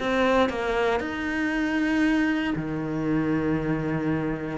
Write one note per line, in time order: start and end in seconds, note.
0.00 0.50 C4
0.50 1.01 A#3
1.01 2.55 D#4
2.56 4.58 D#3